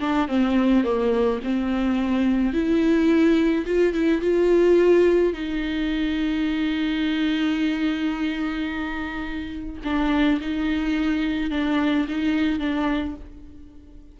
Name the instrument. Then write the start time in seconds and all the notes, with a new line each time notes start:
viola
0.00 D4
0.28 C4
0.84 A#3
1.43 C4
2.53 E4
3.66 F4
3.94 E4
4.21 F4
5.33 D#4
9.84 D4
10.41 D#4
11.51 D4
12.08 D#4
12.59 D4